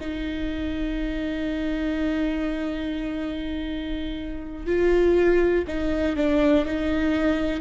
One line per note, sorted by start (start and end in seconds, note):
0.00 4.66 D#4
4.66 5.65 F4
5.67 6.16 D#4
6.16 6.65 D4
6.65 7.61 D#4